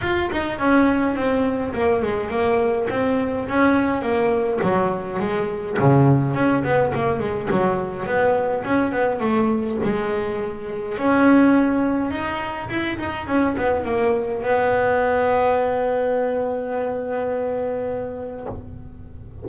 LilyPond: \new Staff \with { instrumentName = "double bass" } { \time 4/4 \tempo 4 = 104 f'8 dis'8 cis'4 c'4 ais8 gis8 | ais4 c'4 cis'4 ais4 | fis4 gis4 cis4 cis'8 b8 | ais8 gis8 fis4 b4 cis'8 b8 |
a4 gis2 cis'4~ | cis'4 dis'4 e'8 dis'8 cis'8 b8 | ais4 b2.~ | b1 | }